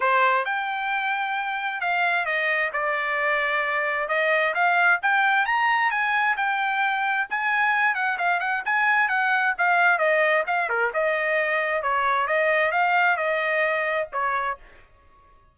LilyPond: \new Staff \with { instrumentName = "trumpet" } { \time 4/4 \tempo 4 = 132 c''4 g''2. | f''4 dis''4 d''2~ | d''4 dis''4 f''4 g''4 | ais''4 gis''4 g''2 |
gis''4. fis''8 f''8 fis''8 gis''4 | fis''4 f''4 dis''4 f''8 ais'8 | dis''2 cis''4 dis''4 | f''4 dis''2 cis''4 | }